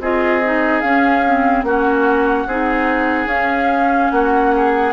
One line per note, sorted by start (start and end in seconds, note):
0.00 0.82 C4
0.00 0.43 F4
0.00 1.66 G#4
0.00 0.81 D#5
0.44 0.83 D#4
0.81 1.24 C#4
0.81 1.64 C#4
0.81 1.63 F5
1.26 1.66 C4
1.64 2.46 A#3
1.64 2.48 C#4
1.64 2.48 F#4
1.64 3.29 F#5
2.47 3.27 C4
2.47 3.29 D#4
2.47 4.12 G#4
3.27 4.09 C#4
3.27 4.93 C#4
3.27 4.11 F5
4.11 4.93 A#3
4.11 4.55 F#4
4.11 4.93 F#5
4.57 4.93 G#4